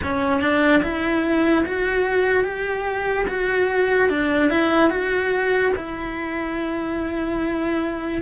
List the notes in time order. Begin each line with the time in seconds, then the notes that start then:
0.02 C#4
0.40 D4
0.82 E4
1.66 F#4
2.44 G4
3.27 F#4
4.09 D4
4.50 E4
4.90 F#4
5.75 E4